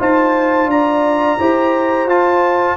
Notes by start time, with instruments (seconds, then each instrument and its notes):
0.00 tuba D#4, trombone F4, horn C5, trumpet A5
0.66 tuba D4, horn D5, trumpet A#5
1.40 tuba E4, trombone G4, horn C5
2.06 tuba F4, trombone F4, trumpet A5